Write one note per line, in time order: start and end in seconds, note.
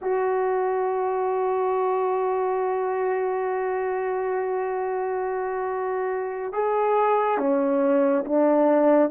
0.01 6.53 F#4
6.53 7.37 G#4
7.37 8.24 C#4
8.25 9.10 D4